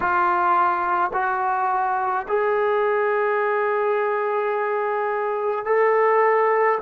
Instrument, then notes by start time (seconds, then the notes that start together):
trombone
0.00 F4
1.13 F#4
2.27 G#4
5.65 A4